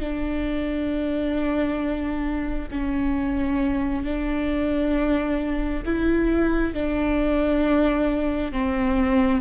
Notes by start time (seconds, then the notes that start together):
0.00 D4
2.71 C#4
4.05 D4
5.85 E4
6.74 D4
8.53 C4